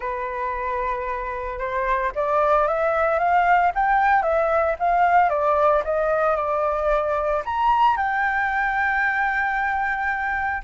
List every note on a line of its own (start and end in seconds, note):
0.00 1.58 B4
1.58 2.11 C5
2.15 2.67 D5
2.67 3.19 E5
3.19 3.72 F5
3.74 4.22 G5
4.22 4.75 E5
4.79 5.29 F5
5.29 5.82 D5
5.84 6.36 D#5
6.36 7.42 D5
7.45 7.96 A#5
7.96 10.62 G5